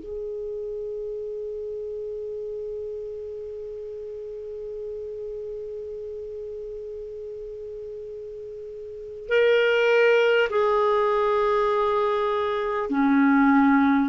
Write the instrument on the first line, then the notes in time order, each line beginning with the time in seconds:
clarinet
0.00 G#4
9.29 A#4
10.50 G#4
12.90 C#4